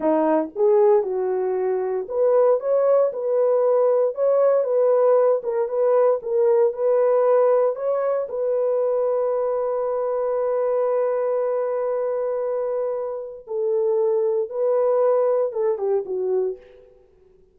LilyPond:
\new Staff \with { instrumentName = "horn" } { \time 4/4 \tempo 4 = 116 dis'4 gis'4 fis'2 | b'4 cis''4 b'2 | cis''4 b'4. ais'8 b'4 | ais'4 b'2 cis''4 |
b'1~ | b'1~ | b'2 a'2 | b'2 a'8 g'8 fis'4 | }